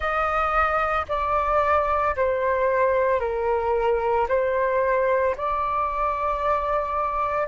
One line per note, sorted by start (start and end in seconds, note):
0.00 1.05 D#5
1.08 2.15 D5
2.15 3.19 C5
3.19 4.27 A#4
4.28 5.35 C5
5.36 7.47 D5